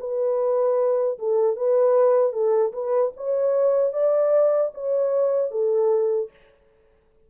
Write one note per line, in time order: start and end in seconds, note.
0.00 1.18 B4
1.19 1.57 A4
1.57 2.33 B4
2.33 2.73 A4
2.73 3.12 B4
3.17 3.93 C#5
3.93 4.72 D5
4.74 5.52 C#5
5.52 6.31 A4